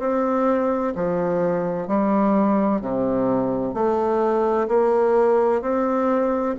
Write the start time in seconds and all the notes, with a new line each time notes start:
0.00 C4
0.96 F3
1.88 G3
2.82 C3
3.75 A3
4.68 A#3
5.62 C4